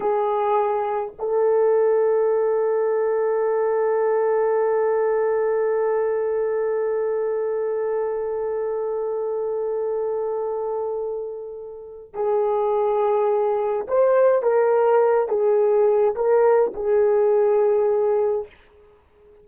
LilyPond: \new Staff \with { instrumentName = "horn" } { \time 4/4 \tempo 4 = 104 gis'2 a'2~ | a'1~ | a'1~ | a'1~ |
a'1~ | a'4 gis'2. | c''4 ais'4. gis'4. | ais'4 gis'2. | }